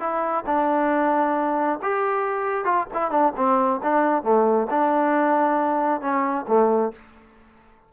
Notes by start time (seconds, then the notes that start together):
0.00 E4
0.46 D4
1.82 G4
2.65 F4
2.94 E4
3.11 D4
3.36 C4
3.83 D4
4.23 A3
4.70 D4
6.01 C#4
6.48 A3